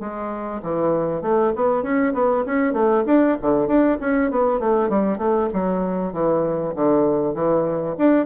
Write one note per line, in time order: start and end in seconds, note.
0.00 0.61 G#3
0.63 1.22 E3
1.22 1.53 A3
1.56 1.83 B3
1.83 2.13 C#4
2.14 2.44 B3
2.46 2.73 C#4
2.73 3.04 A3
3.06 3.37 D4
3.42 3.67 D3
3.67 3.98 D4
4.00 4.31 C#4
4.31 4.59 B3
4.59 4.89 A3
4.89 5.18 G3
5.18 5.49 A3
5.53 6.13 F#3
6.13 6.74 E3
6.75 7.34 D3
7.34 7.96 E3
7.98 8.26 D4